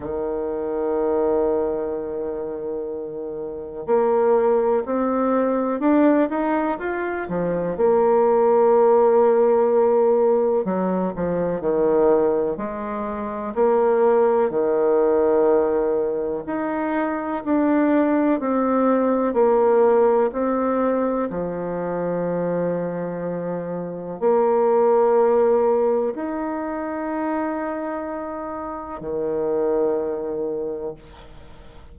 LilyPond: \new Staff \with { instrumentName = "bassoon" } { \time 4/4 \tempo 4 = 62 dis1 | ais4 c'4 d'8 dis'8 f'8 f8 | ais2. fis8 f8 | dis4 gis4 ais4 dis4~ |
dis4 dis'4 d'4 c'4 | ais4 c'4 f2~ | f4 ais2 dis'4~ | dis'2 dis2 | }